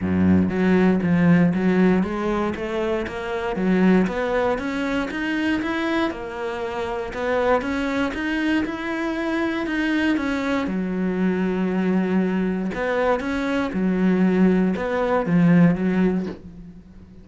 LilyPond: \new Staff \with { instrumentName = "cello" } { \time 4/4 \tempo 4 = 118 fis,4 fis4 f4 fis4 | gis4 a4 ais4 fis4 | b4 cis'4 dis'4 e'4 | ais2 b4 cis'4 |
dis'4 e'2 dis'4 | cis'4 fis2.~ | fis4 b4 cis'4 fis4~ | fis4 b4 f4 fis4 | }